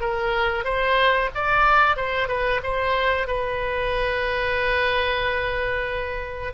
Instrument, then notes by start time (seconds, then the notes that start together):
oboe
0.00 A#4
0.64 C5
1.34 D5
1.96 C5
2.28 B4
2.63 C5
3.27 B4